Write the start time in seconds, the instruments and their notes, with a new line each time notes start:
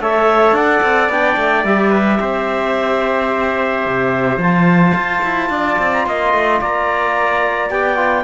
0.00 cello A3, trombone A4, trumpet C#5, clarinet E5
0.52 cello D4, trumpet D5, clarinet F#5
0.83 cello C4
1.09 cello B3, trombone D4, clarinet G5
1.37 cello A3
1.65 cello G3, trombone G4, clarinet E5
1.90 trumpet B4
2.21 cello C4, trumpet C5
3.87 cello C3
4.37 cello F3, trombone F4, clarinet A5
4.95 cello F4
5.24 cello E4
5.50 cello D4, trumpet D5
5.79 cello C4
5.94 clarinet A#5
6.06 cello A#3, trumpet D#5, clarinet C6
6.34 cello A3
6.61 cello A#3, trumpet D5, clarinet A#5
7.71 cello B3, trombone G4, clarinet G5
7.96 trombone F4